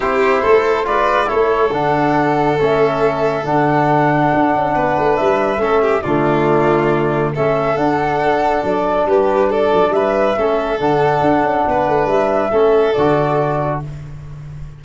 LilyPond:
<<
  \new Staff \with { instrumentName = "flute" } { \time 4/4 \tempo 4 = 139 c''2 d''4 cis''4 | fis''2 e''2 | fis''1 | e''2 d''2~ |
d''4 e''4 fis''2 | d''4 b'4 d''4 e''4~ | e''4 fis''2. | e''2 d''2 | }
  \new Staff \with { instrumentName = "violin" } { \time 4/4 g'4 a'4 b'4 a'4~ | a'1~ | a'2. b'4~ | b'4 a'8 g'8 f'2~ |
f'4 a'2.~ | a'4 g'4 a'4 b'4 | a'2. b'4~ | b'4 a'2. | }
  \new Staff \with { instrumentName = "trombone" } { \time 4/4 e'2 f'4 e'4 | d'2 cis'2 | d'1~ | d'4 cis'4 a2~ |
a4 cis'4 d'2~ | d'1 | cis'4 d'2.~ | d'4 cis'4 fis'2 | }
  \new Staff \with { instrumentName = "tuba" } { \time 4/4 c'4 a4 gis4 a4 | d2 a2 | d2 d'8 cis'8 b8 a8 | g4 a4 d2~ |
d4 a4 d'2 | fis4 g4. fis8 g4 | a4 d4 d'8 cis'8 b8 a8 | g4 a4 d2 | }
>>